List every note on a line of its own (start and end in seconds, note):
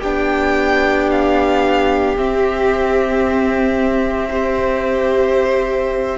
0.00 2.17 B3
0.00 2.16 D4
0.00 4.29 G4
0.00 1.10 G5
1.11 2.17 F5
2.16 4.30 C4
2.16 6.18 C4
2.16 6.18 E5
4.30 6.18 G4
4.30 6.17 C5